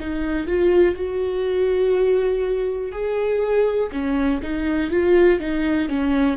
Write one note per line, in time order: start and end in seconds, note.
0.00 0.47 D#4
0.47 0.96 F4
0.96 2.92 F#4
2.92 3.90 G#4
3.92 4.41 C#4
4.43 4.91 D#4
4.91 5.40 F4
5.40 5.89 D#4
5.89 6.38 C#4